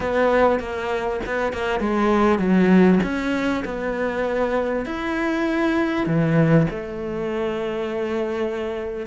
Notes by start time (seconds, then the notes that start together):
0.00 B3
0.59 A#3
1.26 B3
1.53 A#3
1.80 G#3
2.38 F#3
3.03 C#4
3.64 B3
4.85 E4
6.06 E3
6.70 A3